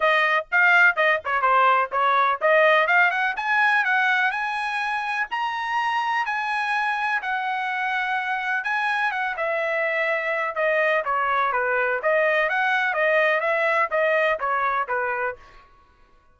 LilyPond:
\new Staff \with { instrumentName = "trumpet" } { \time 4/4 \tempo 4 = 125 dis''4 f''4 dis''8 cis''8 c''4 | cis''4 dis''4 f''8 fis''8 gis''4 | fis''4 gis''2 ais''4~ | ais''4 gis''2 fis''4~ |
fis''2 gis''4 fis''8 e''8~ | e''2 dis''4 cis''4 | b'4 dis''4 fis''4 dis''4 | e''4 dis''4 cis''4 b'4 | }